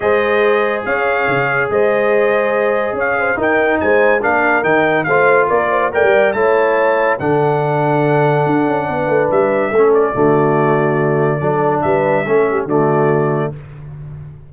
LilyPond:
<<
  \new Staff \with { instrumentName = "trumpet" } { \time 4/4 \tempo 4 = 142 dis''2 f''2 | dis''2. f''4 | g''4 gis''4 f''4 g''4 | f''4 d''4 g''4 a''4~ |
a''4 fis''2.~ | fis''2 e''4. d''8~ | d''1 | e''2 d''2 | }
  \new Staff \with { instrumentName = "horn" } { \time 4/4 c''2 cis''2 | c''2. cis''8 c''8 | ais'4 c''4 ais'2 | c''4 ais'8 c''8 d''4 cis''4~ |
cis''4 a'2.~ | a'4 b'2 a'4 | fis'2. a'4 | b'4 a'8 g'8 fis'2 | }
  \new Staff \with { instrumentName = "trombone" } { \time 4/4 gis'1~ | gis'1 | dis'2 d'4 dis'4 | f'2 ais'4 e'4~ |
e'4 d'2.~ | d'2. cis'4 | a2. d'4~ | d'4 cis'4 a2 | }
  \new Staff \with { instrumentName = "tuba" } { \time 4/4 gis2 cis'4 cis4 | gis2. cis'4 | dis'4 gis4 ais4 dis4 | a4 ais4 a16 g8. a4~ |
a4 d2. | d'8 cis'8 b8 a8 g4 a4 | d2. fis4 | g4 a4 d2 | }
>>